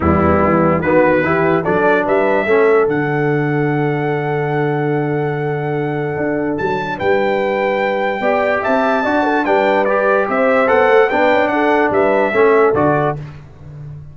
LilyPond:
<<
  \new Staff \with { instrumentName = "trumpet" } { \time 4/4 \tempo 4 = 146 e'2 b'2 | d''4 e''2 fis''4~ | fis''1~ | fis''1 |
a''4 g''2.~ | g''4 a''2 g''4 | d''4 e''4 fis''4 g''4 | fis''4 e''2 d''4 | }
  \new Staff \with { instrumentName = "horn" } { \time 4/4 b2 fis'4 g'4 | a'4 b'4 a'2~ | a'1~ | a'1~ |
a'4 b'2. | d''4 e''4 d''8 a'8 b'4~ | b'4 c''2 b'4 | a'4 b'4 a'2 | }
  \new Staff \with { instrumentName = "trombone" } { \time 4/4 g2 b4 e'4 | d'2 cis'4 d'4~ | d'1~ | d'1~ |
d'1 | g'2 fis'4 d'4 | g'2 a'4 d'4~ | d'2 cis'4 fis'4 | }
  \new Staff \with { instrumentName = "tuba" } { \time 4/4 e,4 e4 dis4 e4 | fis4 g4 a4 d4~ | d1~ | d2. d'4 |
fis4 g2. | b4 c'4 d'4 g4~ | g4 c'4 b8 a8 b8 cis'8 | d'4 g4 a4 d4 | }
>>